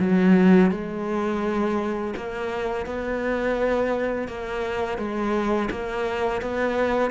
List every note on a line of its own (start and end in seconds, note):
0.00 0.71 F#3
0.71 2.14 G#3
2.16 2.86 A#3
2.86 4.28 B3
4.28 4.98 A#3
4.98 5.69 G#3
5.70 6.42 A#3
6.42 7.10 B3